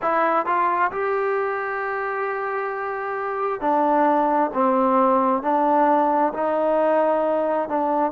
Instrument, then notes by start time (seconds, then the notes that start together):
trombone
0.02 E4
0.46 F4
0.91 G4
3.60 D4
4.53 C4
5.42 D4
6.33 D#4
7.69 D4